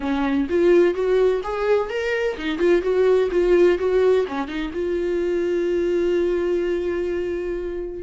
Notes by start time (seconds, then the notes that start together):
0.00 C#4
0.49 F4
0.94 F#4
1.43 G#4
1.89 A#4
2.37 D#4
2.58 F4
2.82 F#4
3.31 F4
3.78 F#4
4.28 C#4
4.47 D#4
4.73 F4